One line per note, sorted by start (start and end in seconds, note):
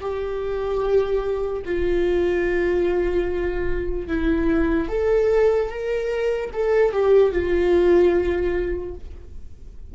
0.00 1.62 G4
1.65 4.07 F4
4.07 4.88 E4
4.88 5.69 A4
5.69 6.50 A#4
6.53 6.92 A4
6.92 7.32 G4
7.32 8.94 F4